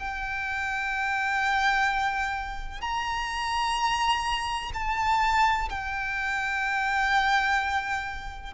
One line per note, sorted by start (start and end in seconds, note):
0.00 2.82 G5
2.82 4.72 A#5
4.74 5.69 A5
5.70 8.54 G5